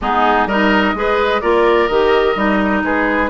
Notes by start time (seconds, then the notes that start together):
0.01 G#3 B3 D#4 G#4
0.46 G3 D#4 A#4 D#5
0.94 G#3 G#4 B4
1.41 A#3 F4 A#4 D5
1.87 D#3 G4 D#5
2.35 G3 D#4
2.83 G#3 G#4 B4